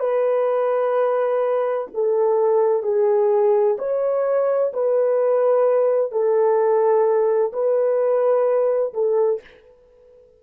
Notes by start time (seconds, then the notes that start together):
0.00 B4
1.95 A4
2.83 G#4
3.79 C#5
4.73 B4
6.12 A4
7.53 B4
8.94 A4